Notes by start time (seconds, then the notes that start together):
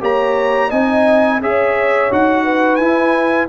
0.00 A#3 G4 C#5 A#5
0.68 C4 D#4 D#5 G#5
1.40 C#4 G#4 C#5 E5
2.10 D#4 F#4 F#5
2.43 B4
2.75 E4 G#5